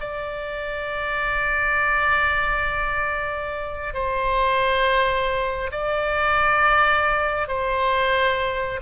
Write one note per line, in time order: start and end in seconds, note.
0.00 3.94 D5
3.94 5.70 C5
5.71 7.48 D5
7.48 8.80 C5